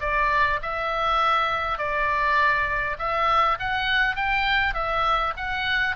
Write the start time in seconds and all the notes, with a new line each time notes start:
0.00 D5
0.62 E5
1.78 D5
2.98 E5
3.59 F#5
4.15 G5
4.74 E5
5.36 F#5